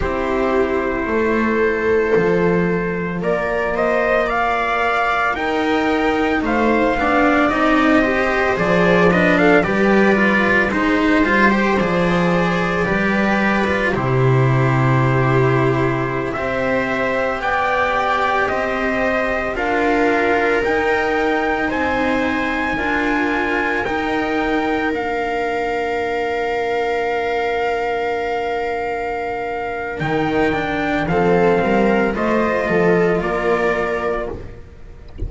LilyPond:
<<
  \new Staff \with { instrumentName = "trumpet" } { \time 4/4 \tempo 4 = 56 c''2. d''8 dis''8 | f''4 g''4 f''4 dis''4 | d''8 dis''16 f''16 d''4 c''4 d''4~ | d''4 c''2~ c''16 e''8.~ |
e''16 g''4 dis''4 f''4 g''8.~ | g''16 gis''2 g''4 f''8.~ | f''1 | g''4 f''4 dis''4 d''4 | }
  \new Staff \with { instrumentName = "viola" } { \time 4/4 g'4 a'2 ais'8 c''8 | d''4 ais'4 c''8 d''4 c''8~ | c''8 b'16 a'16 b'4 c''2 | b'4 g'2~ g'16 c''8.~ |
c''16 d''4 c''4 ais'4.~ ais'16~ | ais'16 c''4 ais'2~ ais'8.~ | ais'1~ | ais'4 a'8 ais'8 c''8 a'8 ais'4 | }
  \new Staff \with { instrumentName = "cello" } { \time 4/4 e'2 f'2~ | f'4 dis'4. d'8 dis'8 g'8 | gis'8 d'8 g'8 f'8 dis'8 f'16 g'16 gis'4 | g'8. f'16 e'2~ e'16 g'8.~ |
g'2~ g'16 f'4 dis'8.~ | dis'4~ dis'16 f'4 dis'4 d'8.~ | d'1 | dis'8 d'8 c'4 f'2 | }
  \new Staff \with { instrumentName = "double bass" } { \time 4/4 c'4 a4 f4 ais4~ | ais4 dis'4 a8 b8 c'4 | f4 g4 gis8 g8 f4 | g4 c2~ c16 c'8.~ |
c'16 b4 c'4 d'4 dis'8.~ | dis'16 c'4 d'4 dis'4 ais8.~ | ais1 | dis4 f8 g8 a8 f8 ais4 | }
>>